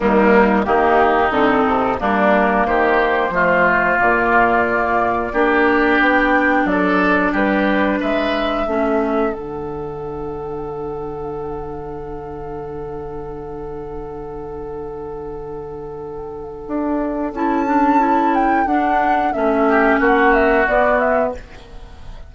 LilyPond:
<<
  \new Staff \with { instrumentName = "flute" } { \time 4/4 \tempo 4 = 90 dis'4 g'4 a'4 ais'4 | c''2 d''2~ | d''4 g''4 d''4 b'4 | e''2 fis''2~ |
fis''1~ | fis''1~ | fis''2 a''4. g''8 | fis''4 e''4 fis''8 e''8 d''8 e''8 | }
  \new Staff \with { instrumentName = "oboe" } { \time 4/4 ais4 dis'2 d'4 | g'4 f'2. | g'2 a'4 g'4 | b'4 a'2.~ |
a'1~ | a'1~ | a'1~ | a'4. g'8 fis'2 | }
  \new Staff \with { instrumentName = "clarinet" } { \time 4/4 g4 ais4 c'4 ais4~ | ais4 a4 ais2 | d'1~ | d'4 cis'4 d'2~ |
d'1~ | d'1~ | d'2 e'8 d'8 e'4 | d'4 cis'2 b4 | }
  \new Staff \with { instrumentName = "bassoon" } { \time 4/4 dis,4 dis4 d8 c8 g4 | dis4 f4 ais,2 | ais4 b4 fis4 g4 | gis4 a4 d2~ |
d1~ | d1~ | d4 d'4 cis'2 | d'4 a4 ais4 b4 | }
>>